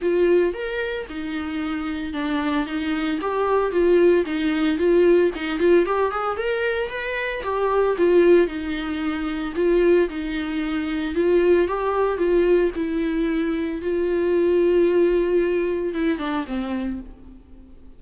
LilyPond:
\new Staff \with { instrumentName = "viola" } { \time 4/4 \tempo 4 = 113 f'4 ais'4 dis'2 | d'4 dis'4 g'4 f'4 | dis'4 f'4 dis'8 f'8 g'8 gis'8 | ais'4 b'4 g'4 f'4 |
dis'2 f'4 dis'4~ | dis'4 f'4 g'4 f'4 | e'2 f'2~ | f'2 e'8 d'8 c'4 | }